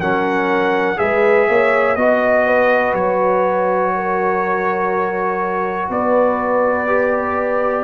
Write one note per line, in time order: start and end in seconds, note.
0.00 0.99 F#3
0.00 0.97 C#4
0.00 0.98 A#4
0.00 0.99 F#5
0.97 1.49 G#3
0.97 1.96 G#4
0.97 1.49 B4
0.97 1.96 E5
1.49 1.97 A#3
1.49 1.98 C#5
1.96 2.94 B3
1.96 6.88 F#4
1.96 2.94 D#5
1.96 2.47 D#5
2.47 3.95 B4
2.94 5.89 F#3
2.94 5.90 C#5
3.95 5.92 A#4
5.89 7.84 B3
5.89 7.84 B4
5.89 7.84 D5
6.88 7.84 G4